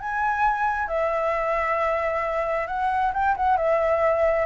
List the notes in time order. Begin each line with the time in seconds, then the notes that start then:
0.00 G#5
0.88 E5
2.67 F#5
3.14 G5
3.37 F#5
3.57 E5